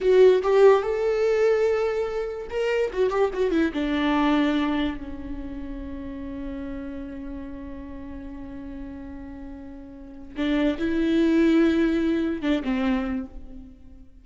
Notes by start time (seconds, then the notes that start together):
0.01 F#4
0.43 G4
0.82 A4
2.49 A#4
2.92 F#4
3.10 G4
3.33 F#4
3.51 E4
3.73 D4
4.97 C#4
10.36 D4
10.78 E4
12.42 D4
12.63 C4